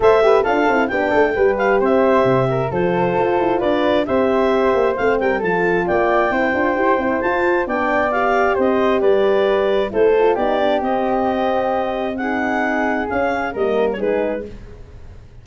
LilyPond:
<<
  \new Staff \with { instrumentName = "clarinet" } { \time 4/4 \tempo 4 = 133 e''4 f''4 g''4. f''8 | e''2 c''2 | d''4 e''2 f''8 g''8 | a''4 g''2. |
a''4 g''4 f''4 dis''4 | d''2 c''4 d''4 | dis''2. fis''4~ | fis''4 f''4 dis''8. cis''16 b'4 | }
  \new Staff \with { instrumentName = "flute" } { \time 4/4 c''8 b'8 a'4 g'8 a'8 b'4 | c''4. ais'8 a'2 | b'4 c''2~ c''8 ais'8 | a'4 d''4 c''2~ |
c''4 d''2 c''4 | b'2 a'4 g'4~ | g'2. gis'4~ | gis'2 ais'4 gis'4 | }
  \new Staff \with { instrumentName = "horn" } { \time 4/4 a'8 g'8 f'8 e'8 d'4 g'4~ | g'2 f'2~ | f'4 g'2 c'4 | f'2 e'8 f'8 g'8 e'8 |
f'4 d'4 g'2~ | g'2 e'8 f'8 dis'8 d'8 | c'2. dis'4~ | dis'4 cis'4 ais4 dis'4 | }
  \new Staff \with { instrumentName = "tuba" } { \time 4/4 a4 d'8 c'8 b8 a8 g4 | c'4 c4 f4 f'8 e'8 | d'4 c'4. ais8 a8 g8 | f4 ais4 c'8 d'8 e'8 c'8 |
f'4 b2 c'4 | g2 a4 b4 | c'1~ | c'4 cis'4 g4 gis4 | }
>>